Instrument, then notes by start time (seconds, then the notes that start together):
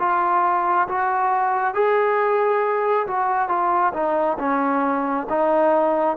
trombone
0.00 F4
0.89 F#4
1.75 G#4
3.07 F#4
3.49 F4
3.94 D#4
4.39 C#4
5.30 D#4